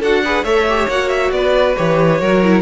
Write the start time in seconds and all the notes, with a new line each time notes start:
0.00 D4 F#4 A4 F#5
0.25 G#4 B4
0.44 A3 A4 C#5 E5
0.69 G4
0.89 A#3 F#4 F#5
1.10 E5
1.31 B3 B4 D5
1.76 E3 G4 C#5
2.20 F#3 F#4 A#4
2.43 E4